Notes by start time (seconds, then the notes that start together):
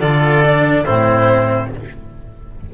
0.00 D3 F4 A4 D5
0.43 D4
0.85 A2 C4 E4 C5